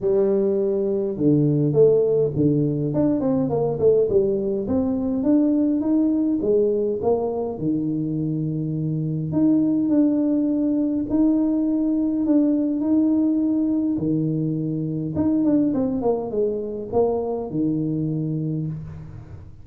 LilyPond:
\new Staff \with { instrumentName = "tuba" } { \time 4/4 \tempo 4 = 103 g2 d4 a4 | d4 d'8 c'8 ais8 a8 g4 | c'4 d'4 dis'4 gis4 | ais4 dis2. |
dis'4 d'2 dis'4~ | dis'4 d'4 dis'2 | dis2 dis'8 d'8 c'8 ais8 | gis4 ais4 dis2 | }